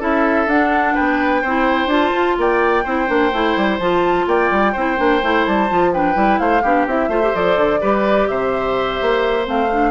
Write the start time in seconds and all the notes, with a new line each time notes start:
0.00 C#4 E4 A4 E5
0.47 D4 F#5
0.95 B3 B4 G5
1.42 C4 E4 C5
1.87 D4 F4 A5
2.14 F4
2.38 A#3 D5 G5
2.84 C4 E4 C5
3.08 A#3 D4
3.33 A3 E4
3.57 G3
3.80 F3 F4 A5
4.27 A#3 D5 G5
4.51 G3
4.73 C4 E4 C5
4.97 A#3 D4
5.23 A3 E4
5.46 G3 A5
5.69 F3 F4
5.94 D4 B4 G5
6.14 G3 E4
6.39 A3 C5 F5
6.63 B3 D4 G4
6.87 C4 E4 E5
7.09 A3 F4 C5
7.23 G4
7.35 F3 A4 D5
7.57 D3
7.81 G3 G4 B4
8.28 C3 C5 E5
9.02 A#3
9.44 A3 C4 F5
9.72 D4